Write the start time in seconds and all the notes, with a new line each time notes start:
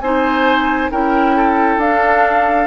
0.00 C4 D#4 C5 G#5
0.91 C#4 E4 A#4 G5
1.36 A4
1.77 D4 F5